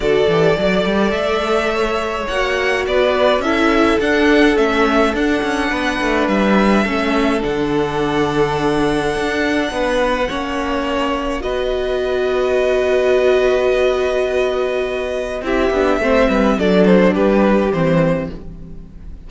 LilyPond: <<
  \new Staff \with { instrumentName = "violin" } { \time 4/4 \tempo 4 = 105 d''2 e''2 | fis''4 d''4 e''4 fis''4 | e''4 fis''2 e''4~ | e''4 fis''2.~ |
fis''1 | dis''1~ | dis''2. e''4~ | e''4 d''8 c''8 b'4 c''4 | }
  \new Staff \with { instrumentName = "violin" } { \time 4/4 a'4 d''2 cis''4~ | cis''4 b'4 a'2~ | a'2 b'2 | a'1~ |
a'4 b'4 cis''2 | b'1~ | b'2. g'4 | c''8 b'8 a'4 g'2 | }
  \new Staff \with { instrumentName = "viola" } { \time 4/4 fis'8 g'8 a'2. | fis'2 e'4 d'4 | cis'4 d'2. | cis'4 d'2.~ |
d'2 cis'2 | fis'1~ | fis'2. e'8 d'8 | c'4 d'2 c'4 | }
  \new Staff \with { instrumentName = "cello" } { \time 4/4 d8 e8 fis8 g8 a2 | ais4 b4 cis'4 d'4 | a4 d'8 cis'8 b8 a8 g4 | a4 d2. |
d'4 b4 ais2 | b1~ | b2. c'8 b8 | a8 g8 fis4 g4 e4 | }
>>